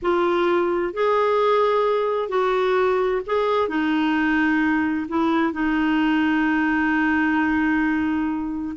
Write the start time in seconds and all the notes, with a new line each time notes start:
0.01 F4
0.93 G#4
2.28 F#4
3.26 G#4
3.68 D#4
5.08 E4
5.53 D#4